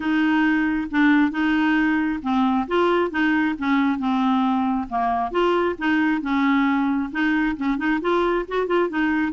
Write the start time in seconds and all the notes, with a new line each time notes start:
0.00 D#4
0.90 D4
1.31 D#4
2.22 C4
2.67 F4
3.11 D#4
3.58 C#4
3.99 C4
4.89 A#3
5.31 F4
5.78 D#4
6.21 C#4
7.12 D#4
7.57 C#4
7.77 D#4
8.01 F4
8.47 F#4
8.66 F4
8.89 D#4